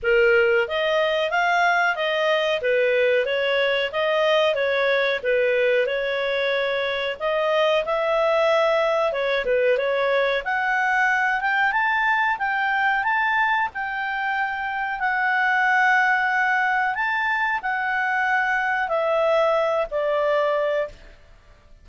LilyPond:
\new Staff \with { instrumentName = "clarinet" } { \time 4/4 \tempo 4 = 92 ais'4 dis''4 f''4 dis''4 | b'4 cis''4 dis''4 cis''4 | b'4 cis''2 dis''4 | e''2 cis''8 b'8 cis''4 |
fis''4. g''8 a''4 g''4 | a''4 g''2 fis''4~ | fis''2 a''4 fis''4~ | fis''4 e''4. d''4. | }